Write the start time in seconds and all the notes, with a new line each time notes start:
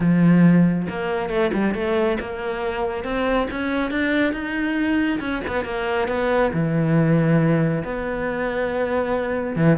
0.00 F3
0.89 A#3
1.29 A3
1.53 G3
1.74 A3
2.20 A#3
3.04 C4
3.50 C#4
3.91 D4
4.32 D#4
5.20 C#4
5.47 B3
5.64 A#3
6.08 B3
6.53 E3
7.84 B3
9.56 E3